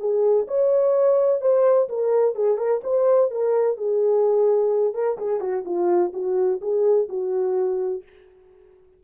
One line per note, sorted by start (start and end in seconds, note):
0.00 0.47 G#4
0.48 1.42 C#5
1.42 1.89 C5
1.89 2.36 A#4
2.36 2.58 G#4
2.58 2.82 A#4
2.84 3.31 C5
3.31 3.78 A#4
3.78 4.94 G#4
4.94 5.18 A#4
5.18 5.41 G#4
5.41 5.64 F#4
5.65 6.13 F4
6.14 6.61 F#4
6.61 7.09 G#4
7.09 8.04 F#4